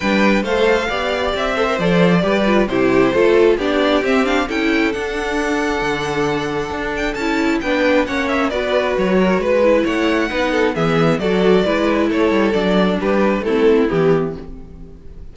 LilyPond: <<
  \new Staff \with { instrumentName = "violin" } { \time 4/4 \tempo 4 = 134 g''4 f''2 e''4 | d''2 c''2 | d''4 e''8 f''8 g''4 fis''4~ | fis''2.~ fis''8 g''8 |
a''4 g''4 fis''8 e''8 d''4 | cis''4 b'4 fis''2 | e''4 d''2 cis''4 | d''4 b'4 a'4 g'4 | }
  \new Staff \with { instrumentName = "violin" } { \time 4/4 b'4 c''4 d''4. c''8~ | c''4 b'4 g'4 a'4 | g'2 a'2~ | a'1~ |
a'4 b'4 cis''4 b'4~ | b'8 ais'8 b'4 cis''4 b'8 a'8 | gis'4 a'4 b'4 a'4~ | a'4 g'4 e'2 | }
  \new Staff \with { instrumentName = "viola" } { \time 4/4 d'4 a'4 g'4. a'16 ais'16 | a'4 g'8 f'8 e'4 f'4 | d'4 c'8 d'8 e'4 d'4~ | d'1 |
e'4 d'4 cis'4 fis'4~ | fis'4. e'4. dis'4 | b4 fis'4 e'2 | d'2 c'4 b4 | }
  \new Staff \with { instrumentName = "cello" } { \time 4/4 g4 a4 b4 c'4 | f4 g4 c4 a4 | b4 c'4 cis'4 d'4~ | d'4 d2 d'4 |
cis'4 b4 ais4 b4 | fis4 gis4 a4 b4 | e4 fis4 gis4 a8 g8 | fis4 g4 a4 e4 | }
>>